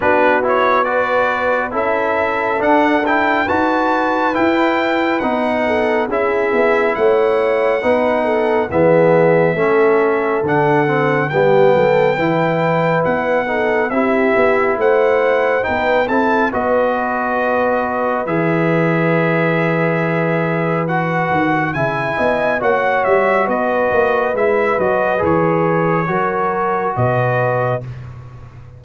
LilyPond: <<
  \new Staff \with { instrumentName = "trumpet" } { \time 4/4 \tempo 4 = 69 b'8 cis''8 d''4 e''4 fis''8 g''8 | a''4 g''4 fis''4 e''4 | fis''2 e''2 | fis''4 g''2 fis''4 |
e''4 fis''4 g''8 a''8 dis''4~ | dis''4 e''2. | fis''4 gis''4 fis''8 e''8 dis''4 | e''8 dis''8 cis''2 dis''4 | }
  \new Staff \with { instrumentName = "horn" } { \time 4/4 fis'4 b'4 a'2 | b'2~ b'8 a'8 gis'4 | cis''4 b'8 a'8 gis'4 a'4~ | a'4 g'8 a'8 b'4. a'8 |
g'4 c''4 b'8 a'8 b'4~ | b'1~ | b'4 e''8 dis''8 cis''4 b'4~ | b'2 ais'4 b'4 | }
  \new Staff \with { instrumentName = "trombone" } { \time 4/4 d'8 e'8 fis'4 e'4 d'8 e'8 | fis'4 e'4 dis'4 e'4~ | e'4 dis'4 b4 cis'4 | d'8 c'8 b4 e'4. dis'8 |
e'2 dis'8 e'8 fis'4~ | fis'4 gis'2. | fis'4 e'4 fis'2 | e'8 fis'8 gis'4 fis'2 | }
  \new Staff \with { instrumentName = "tuba" } { \time 4/4 b2 cis'4 d'4 | dis'4 e'4 b4 cis'8 b8 | a4 b4 e4 a4 | d4 g8 fis8 e4 b4 |
c'8 b8 a4 b8 c'8 b4~ | b4 e2.~ | e8 dis8 cis8 b8 ais8 g8 b8 ais8 | gis8 fis8 e4 fis4 b,4 | }
>>